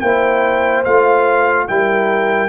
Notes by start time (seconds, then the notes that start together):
0.00 A#3 E4 C5 G5
0.85 A3 F4 F5
1.68 G3 E4 A#4 G5